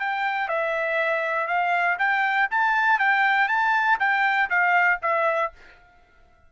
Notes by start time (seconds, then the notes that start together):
0.00 G5
0.49 E5
1.47 F5
1.99 G5
2.51 A5
2.99 G5
3.49 A5
4.00 G5
4.50 F5
5.03 E5